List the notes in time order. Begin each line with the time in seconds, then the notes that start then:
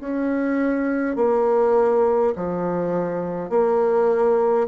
0.00 C#4
1.16 A#3
2.35 F3
3.49 A#3